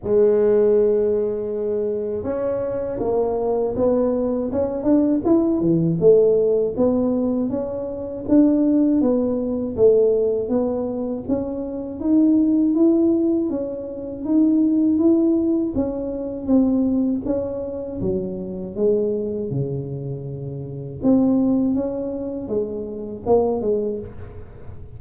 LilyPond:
\new Staff \with { instrumentName = "tuba" } { \time 4/4 \tempo 4 = 80 gis2. cis'4 | ais4 b4 cis'8 d'8 e'8 e8 | a4 b4 cis'4 d'4 | b4 a4 b4 cis'4 |
dis'4 e'4 cis'4 dis'4 | e'4 cis'4 c'4 cis'4 | fis4 gis4 cis2 | c'4 cis'4 gis4 ais8 gis8 | }